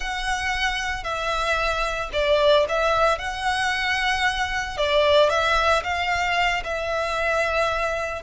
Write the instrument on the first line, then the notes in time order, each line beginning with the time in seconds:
violin
0.00 F#5
1.03 E5
2.12 D5
2.68 E5
3.18 F#5
4.77 D5
5.29 E5
5.83 F5
6.64 E5